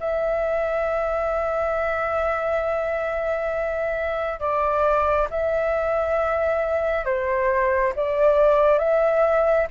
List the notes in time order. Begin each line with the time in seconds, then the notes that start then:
0.00 E5
4.40 D5
5.30 E5
7.05 C5
7.96 D5
8.79 E5